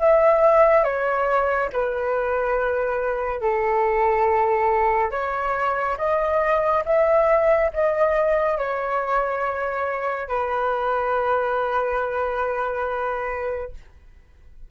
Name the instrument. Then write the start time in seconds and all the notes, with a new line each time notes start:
flute
0.00 E5
0.84 C#5
1.73 B4
3.42 A4
5.12 C#5
5.98 D#5
6.86 E5
7.74 D#5
8.58 C#5
10.29 B4